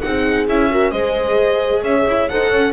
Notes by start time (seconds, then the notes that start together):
0.00 C4 D#4 G#4 F#5
0.48 C#4 E4 E5
0.70 F#4 A#4
0.91 G#3 G#4 C5 D#5
1.83 C#4 C#5 E5
2.07 E4
2.29 D#4 A4 C5 F#5
2.48 C#4 C#5